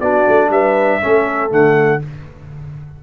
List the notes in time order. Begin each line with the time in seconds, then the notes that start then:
0.00 B3 D4 F#4 D5
0.28 A3
0.49 G3 B4 E5
1.01 A3 C#4 A4
1.49 D3 A3 F#5